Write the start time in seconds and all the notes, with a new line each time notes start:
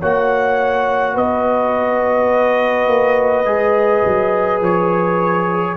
0.00 A#3 F#4 C#5 F#5
1.15 B3 B4 D#5
2.87 A#3
3.45 G#3 G#4
4.05 F#3
4.61 F3 C#5